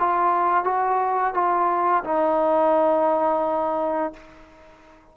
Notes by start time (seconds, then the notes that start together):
0.00 F4
0.65 F#4
1.34 F4
2.04 D#4